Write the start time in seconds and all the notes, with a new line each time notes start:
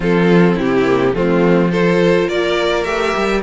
0.00 F3 C4 F4 A4
0.55 C3 E4 G4
0.83 A#3
1.12 F3 A3 C4 F4
1.71 F4 A4 C5
2.27 A#3 A#4 D5
2.83 A3 G4 E5
3.16 G3